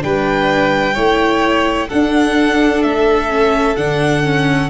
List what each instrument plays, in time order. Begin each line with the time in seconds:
0.00 tuba G3, viola D4, violin B4 G5
0.94 tuba A3, viola E4, violin C#5
1.89 viola D4, tuba D4, violin A4 F#5
2.83 tuba A3, violin E5
3.29 viola C#4
3.76 tuba D3, viola D4, violin F#5
4.23 viola C#4